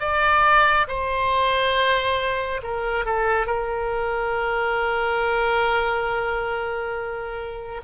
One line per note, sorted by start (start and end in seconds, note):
0.00 0.87 D5
0.87 2.61 C5
2.63 3.05 A#4
3.05 3.47 A4
3.47 7.81 A#4